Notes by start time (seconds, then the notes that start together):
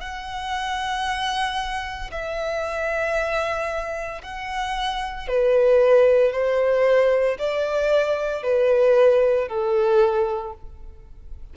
0.00 F#5
2.11 E5
4.22 F#5
5.28 B4
6.32 C5
7.38 D5
8.43 B4
9.48 A4